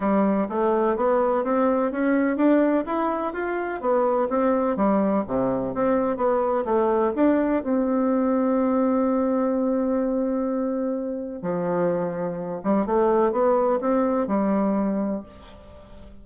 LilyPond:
\new Staff \with { instrumentName = "bassoon" } { \time 4/4 \tempo 4 = 126 g4 a4 b4 c'4 | cis'4 d'4 e'4 f'4 | b4 c'4 g4 c4 | c'4 b4 a4 d'4 |
c'1~ | c'1 | f2~ f8 g8 a4 | b4 c'4 g2 | }